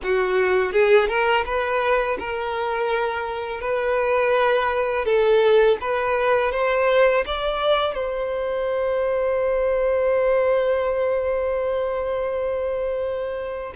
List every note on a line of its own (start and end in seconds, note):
0.03 0.72 F#4
0.72 1.08 G#4
1.08 1.44 A#4
1.45 2.17 B4
2.19 3.60 A#4
3.60 5.05 B4
5.05 5.77 A4
5.80 6.52 B4
6.52 7.24 C5
7.26 7.95 D5
7.95 13.73 C5